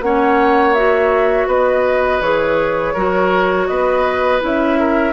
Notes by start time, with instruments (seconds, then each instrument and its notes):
0.00 bassoon A#3, clarinet C#4, oboe C#5, flute F#5
0.74 clarinet F#4, flute E5
1.46 bassoon B3, oboe B4, flute D#5
2.20 bassoon E3, clarinet G#4, flute C#5
2.93 bassoon F#3, clarinet F#4, oboe A#4
3.67 bassoon B3, oboe B4, flute D#5
4.40 bassoon C#4, clarinet E4, flute E5
4.79 oboe A#4